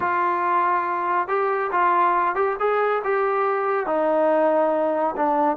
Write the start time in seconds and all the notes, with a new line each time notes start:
0.00 F4
1.28 G4
1.71 F4
2.35 G4
2.59 G#4
3.04 G4
3.86 D#4
5.16 D4